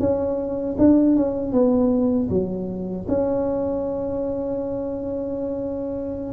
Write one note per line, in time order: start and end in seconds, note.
0.00 0.77 C#4
0.79 1.16 D4
1.16 1.53 C#4
1.53 2.30 B3
2.30 3.07 F#3
3.09 6.34 C#4